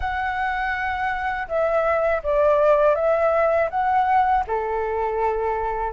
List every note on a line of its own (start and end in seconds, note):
0.00 1.47 F#5
1.48 2.22 E5
2.23 2.95 D5
2.95 3.69 E5
3.70 4.44 F#5
4.47 5.93 A4